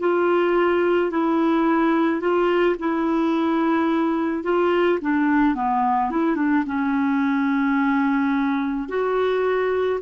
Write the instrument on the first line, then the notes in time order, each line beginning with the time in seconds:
clarinet
0.00 F4
1.11 E4
2.20 F4
2.79 E4
4.43 F4
5.02 D4
5.55 B3
6.11 E4
6.36 D4
6.66 C#4
8.89 F#4